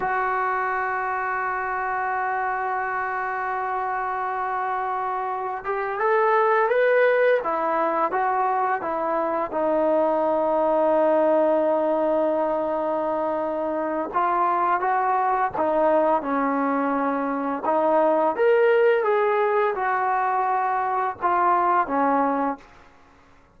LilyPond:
\new Staff \with { instrumentName = "trombone" } { \time 4/4 \tempo 4 = 85 fis'1~ | fis'1 | g'8 a'4 b'4 e'4 fis'8~ | fis'8 e'4 dis'2~ dis'8~ |
dis'1 | f'4 fis'4 dis'4 cis'4~ | cis'4 dis'4 ais'4 gis'4 | fis'2 f'4 cis'4 | }